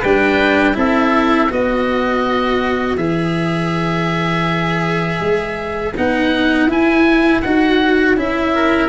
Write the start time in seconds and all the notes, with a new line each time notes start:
0.00 G3 D4 B4 G5
0.74 C4 E4 A4 E5
1.50 B3 F#4 B4 D#5
2.96 E3 G#4 E5
5.21 G#3
5.97 B3 D#4 F#5
6.66 E4 G#5
7.42 D#4 F#4 F#5
8.16 C#4 E4 E5
8.55 A#4